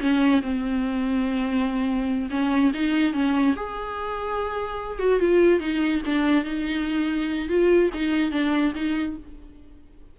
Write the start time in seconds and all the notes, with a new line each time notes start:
0.00 C#4
0.42 C4
2.30 C#4
2.74 D#4
3.13 C#4
3.56 G#4
4.99 F#4
5.20 F4
5.60 D#4
6.06 D4
6.45 D#4
7.49 F4
7.94 D#4
8.31 D4
8.75 D#4